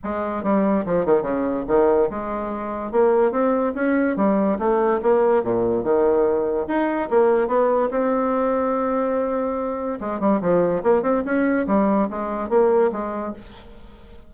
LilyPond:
\new Staff \with { instrumentName = "bassoon" } { \time 4/4 \tempo 4 = 144 gis4 g4 f8 dis8 cis4 | dis4 gis2 ais4 | c'4 cis'4 g4 a4 | ais4 ais,4 dis2 |
dis'4 ais4 b4 c'4~ | c'1 | gis8 g8 f4 ais8 c'8 cis'4 | g4 gis4 ais4 gis4 | }